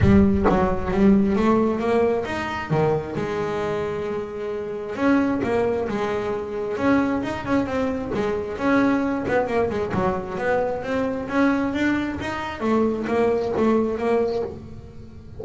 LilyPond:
\new Staff \with { instrumentName = "double bass" } { \time 4/4 \tempo 4 = 133 g4 fis4 g4 a4 | ais4 dis'4 dis4 gis4~ | gis2. cis'4 | ais4 gis2 cis'4 |
dis'8 cis'8 c'4 gis4 cis'4~ | cis'8 b8 ais8 gis8 fis4 b4 | c'4 cis'4 d'4 dis'4 | a4 ais4 a4 ais4 | }